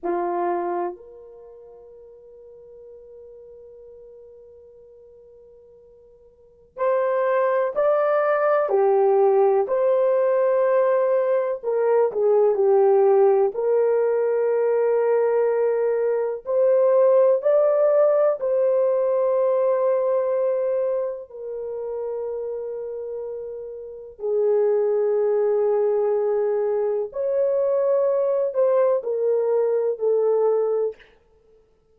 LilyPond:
\new Staff \with { instrumentName = "horn" } { \time 4/4 \tempo 4 = 62 f'4 ais'2.~ | ais'2. c''4 | d''4 g'4 c''2 | ais'8 gis'8 g'4 ais'2~ |
ais'4 c''4 d''4 c''4~ | c''2 ais'2~ | ais'4 gis'2. | cis''4. c''8 ais'4 a'4 | }